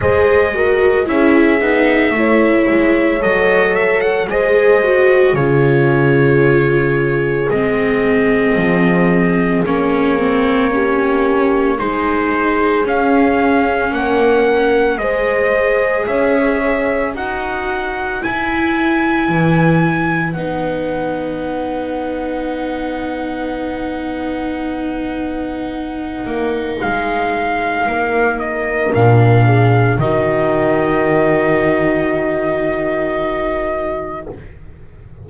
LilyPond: <<
  \new Staff \with { instrumentName = "trumpet" } { \time 4/4 \tempo 4 = 56 dis''4 e''2 dis''8 e''16 fis''16 | dis''4 cis''2 dis''4~ | dis''4 cis''2 c''4 | f''4 fis''4 dis''4 e''4 |
fis''4 gis''2 fis''4~ | fis''1~ | fis''4 f''4. dis''8 f''4 | dis''1 | }
  \new Staff \with { instrumentName = "horn" } { \time 4/4 c''8 ais'8 gis'4 cis''2 | c''4 gis'2.~ | gis'2 g'4 gis'4~ | gis'4 ais'4 c''4 cis''4 |
b'1~ | b'1~ | b'2 ais'4. gis'8 | fis'1 | }
  \new Staff \with { instrumentName = "viola" } { \time 4/4 gis'8 fis'8 e'8 dis'8 e'4 a'4 | gis'8 fis'8 f'2 c'4~ | c'4 cis'8 c'8 cis'4 dis'4 | cis'2 gis'2 |
fis'4 e'2 dis'4~ | dis'1~ | dis'2. d'4 | dis'1 | }
  \new Staff \with { instrumentName = "double bass" } { \time 4/4 gis4 cis'8 b8 a8 gis8 fis4 | gis4 cis2 gis4 | f4 ais2 gis4 | cis'4 ais4 gis4 cis'4 |
dis'4 e'4 e4 b4~ | b1~ | b8 ais8 gis4 ais4 ais,4 | dis1 | }
>>